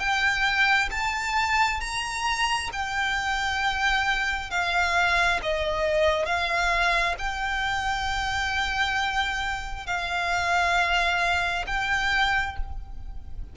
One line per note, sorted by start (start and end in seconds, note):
0.00 0.90 G5
0.91 1.81 A5
1.81 2.71 A#5
2.73 4.51 G5
4.51 5.41 F5
5.43 6.26 D#5
6.26 7.16 F5
7.19 9.87 G5
9.87 11.66 F5
11.67 12.57 G5